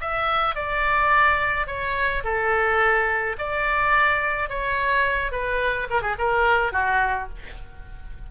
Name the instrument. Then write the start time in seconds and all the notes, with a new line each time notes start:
oboe
0.00 E5
0.55 D5
1.67 C#5
2.24 A4
3.38 D5
4.49 C#5
5.31 B4
5.90 A#4
6.01 G#4
6.18 A#4
6.72 F#4